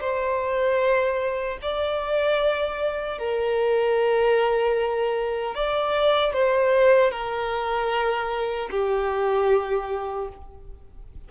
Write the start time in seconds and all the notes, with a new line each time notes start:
0.00 C5
1.62 D5
3.18 A#4
5.55 D5
6.33 C5
7.11 A#4
8.71 G4